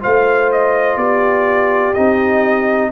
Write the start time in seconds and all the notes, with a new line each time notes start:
0.00 A3 F4 C5 F5
0.52 D#5
0.97 B3 G4 D5
1.94 C4 D#4 D#5